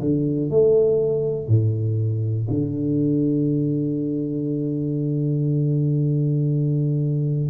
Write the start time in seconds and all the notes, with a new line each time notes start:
0.00 D3
0.50 A3
1.47 A2
2.50 D3